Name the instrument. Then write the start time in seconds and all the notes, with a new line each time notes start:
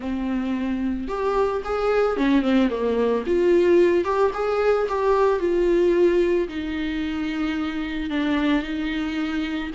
viola
0.00 C4
1.08 G4
1.64 G#4
2.16 C#4
2.42 C4
2.70 A#3
3.26 F4
4.04 G4
4.33 G#4
4.88 G4
5.39 F4
6.48 D#4
8.10 D4
8.62 D#4